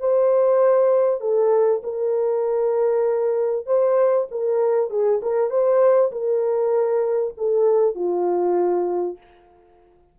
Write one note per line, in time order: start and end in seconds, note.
0.00 1.21 C5
1.21 1.82 A4
1.84 3.66 A#4
3.66 4.27 C5
4.31 4.90 A#4
4.90 5.21 G#4
5.22 5.50 A#4
5.50 6.12 C5
6.12 7.34 A#4
7.37 7.95 A4
7.95 9.18 F4